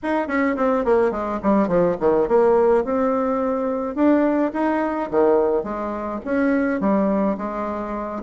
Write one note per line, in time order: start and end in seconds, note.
0.03 0.27 D#4
0.27 0.55 C#4
0.56 0.84 C4
0.85 1.11 A#3
1.11 1.39 G#3
1.42 1.67 G3
1.67 1.96 F3
2.00 2.28 D#3
2.28 2.84 A#3
2.84 3.95 C4
3.95 4.51 D4
4.53 5.09 D#4
5.10 5.63 D#3
5.63 6.20 G#3
6.24 6.80 C#4
6.80 7.37 G3
7.37 8.22 G#3